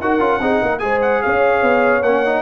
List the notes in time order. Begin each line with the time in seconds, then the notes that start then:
0.00 D#4 F#4 A#4 F#5
0.20 C#4 F4
0.41 C4 D#4 G#4
0.62 A#3 A#4
0.79 G#3 G#4 C5 G#5
1.02 F#5
1.22 C#4 C#5 F5
1.62 B3
2.02 A#3 C#4 F#5
2.26 D#4